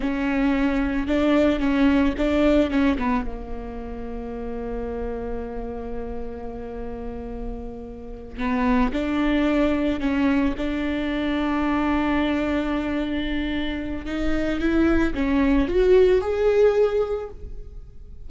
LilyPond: \new Staff \with { instrumentName = "viola" } { \time 4/4 \tempo 4 = 111 cis'2 d'4 cis'4 | d'4 cis'8 b8 ais2~ | ais1~ | ais2.~ ais8 b8~ |
b8 d'2 cis'4 d'8~ | d'1~ | d'2 dis'4 e'4 | cis'4 fis'4 gis'2 | }